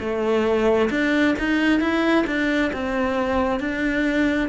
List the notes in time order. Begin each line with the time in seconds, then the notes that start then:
0.00 A3
0.90 D4
1.39 D#4
1.81 E4
2.27 D4
2.74 C4
3.60 D4